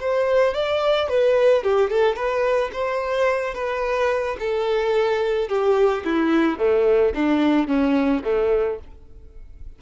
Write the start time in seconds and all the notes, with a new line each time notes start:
0.00 C5
0.54 D5
1.09 B4
1.63 G4
1.90 A4
2.15 B4
2.72 C5
3.54 B4
4.39 A4
5.48 G4
6.05 E4
6.58 A3
7.15 D4
7.68 C#4
8.24 A3